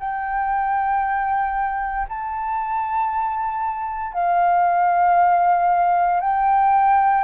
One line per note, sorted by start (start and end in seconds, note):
0.00 2.07 G5
2.09 4.13 A5
4.13 6.20 F5
6.21 7.24 G5